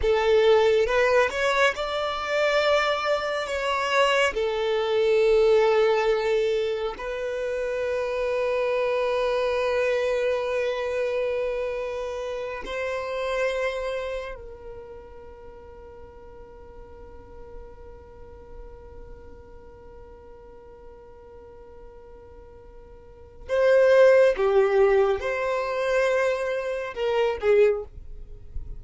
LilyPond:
\new Staff \with { instrumentName = "violin" } { \time 4/4 \tempo 4 = 69 a'4 b'8 cis''8 d''2 | cis''4 a'2. | b'1~ | b'2~ b'8 c''4.~ |
c''8 ais'2.~ ais'8~ | ais'1~ | ais'2. c''4 | g'4 c''2 ais'8 gis'8 | }